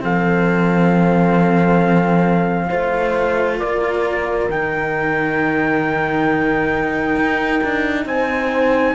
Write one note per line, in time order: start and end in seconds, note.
0.00 2.71 F3
0.00 2.69 C4
0.00 2.68 A4
0.00 3.59 F5
2.68 3.61 A3
2.68 4.50 F4
2.68 3.57 C5
3.59 4.49 A#3
3.59 8.07 A#4
3.59 4.49 D5
4.49 7.16 D#3
4.49 8.95 D#4
4.49 8.07 G5
7.16 7.60 D#4
7.63 8.05 D4
8.05 8.95 C4
8.05 8.95 C5
8.05 8.95 G#5